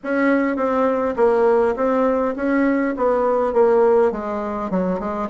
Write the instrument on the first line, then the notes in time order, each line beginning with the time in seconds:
bassoon
0.03 C#4
0.56 C4
1.16 A#3
1.76 C4
2.35 C#4
2.96 B3
3.53 A#3
4.11 G#3
4.70 F#3
4.99 G#3